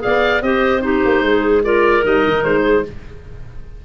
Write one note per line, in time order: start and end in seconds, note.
0.00 0.42 B3
0.00 0.41 G#4
0.00 0.43 D5
0.00 0.43 F5
0.42 1.03 C4
0.42 0.81 G4
0.42 0.84 C5
0.42 0.82 D#5
0.81 1.62 D#4
0.81 1.25 G4
0.81 1.63 C5
1.05 1.21 A#3
1.21 2.03 G#3
1.28 1.64 G#4
1.64 2.03 F4
1.64 2.62 A#4
1.64 2.05 D5
2.03 2.25 G3
2.03 2.84 D#4
2.03 2.44 D#5
2.28 2.44 D#3
2.44 2.85 G#3
2.44 2.84 C5
2.62 2.82 G#4